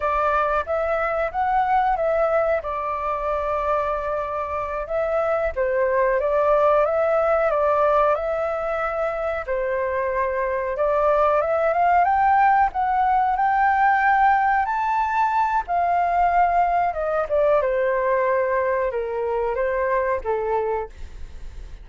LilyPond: \new Staff \with { instrumentName = "flute" } { \time 4/4 \tempo 4 = 92 d''4 e''4 fis''4 e''4 | d''2.~ d''8 e''8~ | e''8 c''4 d''4 e''4 d''8~ | d''8 e''2 c''4.~ |
c''8 d''4 e''8 f''8 g''4 fis''8~ | fis''8 g''2 a''4. | f''2 dis''8 d''8 c''4~ | c''4 ais'4 c''4 a'4 | }